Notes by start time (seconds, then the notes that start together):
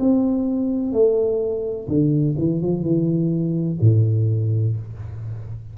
0.00 C4
0.93 A3
1.88 D3
2.38 E3
2.62 F3
2.83 E3
3.81 A2